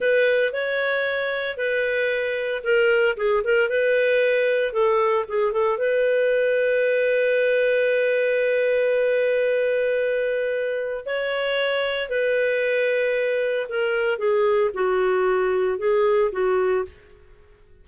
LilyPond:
\new Staff \with { instrumentName = "clarinet" } { \time 4/4 \tempo 4 = 114 b'4 cis''2 b'4~ | b'4 ais'4 gis'8 ais'8 b'4~ | b'4 a'4 gis'8 a'8 b'4~ | b'1~ |
b'1~ | b'4 cis''2 b'4~ | b'2 ais'4 gis'4 | fis'2 gis'4 fis'4 | }